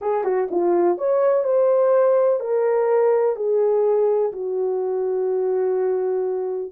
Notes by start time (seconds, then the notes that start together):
0.01 G#4
0.24 F#4
0.50 F4
0.97 C#5
1.44 C5
2.40 A#4
3.36 G#4
4.32 F#4